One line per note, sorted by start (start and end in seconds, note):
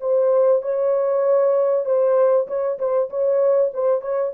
0.00 0.62 C5
0.62 1.85 C#5
1.85 2.47 C5
2.47 2.78 C#5
2.78 3.09 C5
3.09 3.71 C#5
3.74 4.01 C5
4.01 4.32 C#5